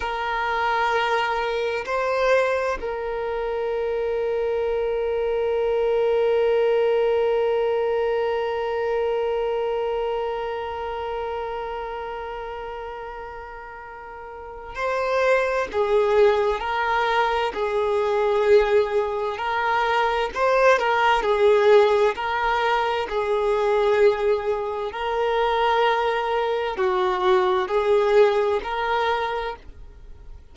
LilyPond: \new Staff \with { instrumentName = "violin" } { \time 4/4 \tempo 4 = 65 ais'2 c''4 ais'4~ | ais'1~ | ais'1~ | ais'1 |
c''4 gis'4 ais'4 gis'4~ | gis'4 ais'4 c''8 ais'8 gis'4 | ais'4 gis'2 ais'4~ | ais'4 fis'4 gis'4 ais'4 | }